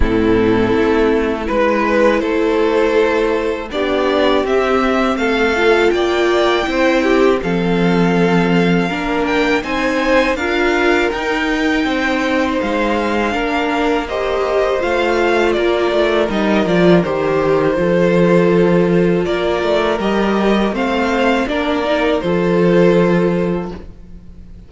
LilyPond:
<<
  \new Staff \with { instrumentName = "violin" } { \time 4/4 \tempo 4 = 81 a'2 b'4 c''4~ | c''4 d''4 e''4 f''4 | g''2 f''2~ | f''8 g''8 gis''4 f''4 g''4~ |
g''4 f''2 dis''4 | f''4 d''4 dis''8 d''8 c''4~ | c''2 d''4 dis''4 | f''4 d''4 c''2 | }
  \new Staff \with { instrumentName = "violin" } { \time 4/4 e'2 b'4 a'4~ | a'4 g'2 a'4 | d''4 c''8 g'8 a'2 | ais'4 c''4 ais'2 |
c''2 ais'4 c''4~ | c''4 ais'2. | a'2 ais'2 | c''4 ais'4 a'2 | }
  \new Staff \with { instrumentName = "viola" } { \time 4/4 c'2 e'2~ | e'4 d'4 c'4. f'8~ | f'4 e'4 c'2 | d'4 dis'4 f'4 dis'4~ |
dis'2 d'4 g'4 | f'2 dis'8 f'8 g'4 | f'2. g'4 | c'4 d'8 dis'8 f'2 | }
  \new Staff \with { instrumentName = "cello" } { \time 4/4 a,4 a4 gis4 a4~ | a4 b4 c'4 a4 | ais4 c'4 f2 | ais4 c'4 d'4 dis'4 |
c'4 gis4 ais2 | a4 ais8 a8 g8 f8 dis4 | f2 ais8 a8 g4 | a4 ais4 f2 | }
>>